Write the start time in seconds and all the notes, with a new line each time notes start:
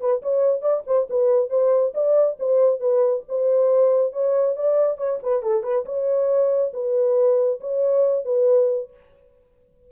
0.00 B4
0.22 C#5
0.61 D5
0.87 C5
1.10 B4
1.50 C5
1.94 D5
2.39 C5
2.80 B4
3.29 C5
4.12 C#5
4.56 D5
4.98 C#5
5.23 B4
5.43 A4
5.63 B4
5.85 C#5
6.73 B4
7.60 C#5
8.25 B4